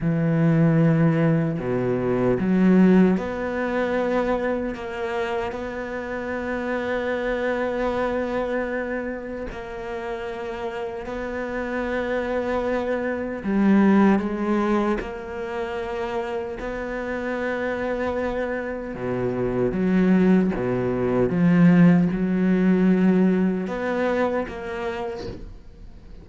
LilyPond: \new Staff \with { instrumentName = "cello" } { \time 4/4 \tempo 4 = 76 e2 b,4 fis4 | b2 ais4 b4~ | b1 | ais2 b2~ |
b4 g4 gis4 ais4~ | ais4 b2. | b,4 fis4 b,4 f4 | fis2 b4 ais4 | }